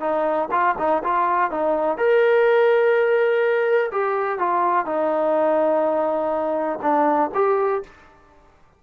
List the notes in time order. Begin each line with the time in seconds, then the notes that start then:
0.00 D#4
0.51 F4
0.78 D#4
1.03 F4
1.50 D#4
1.97 A#4
3.91 G4
4.38 F4
4.85 D#4
6.82 D4
7.34 G4